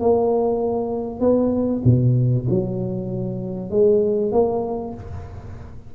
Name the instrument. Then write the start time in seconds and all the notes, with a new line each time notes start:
tuba
0.00 A#3
1.20 B3
1.85 B2
2.50 F#3
3.71 G#3
4.32 A#3